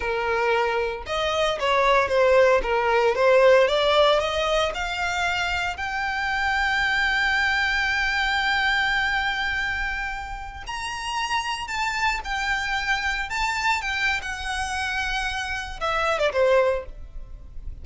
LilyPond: \new Staff \with { instrumentName = "violin" } { \time 4/4 \tempo 4 = 114 ais'2 dis''4 cis''4 | c''4 ais'4 c''4 d''4 | dis''4 f''2 g''4~ | g''1~ |
g''1~ | g''16 ais''2 a''4 g''8.~ | g''4~ g''16 a''4 g''8. fis''4~ | fis''2 e''8. d''16 c''4 | }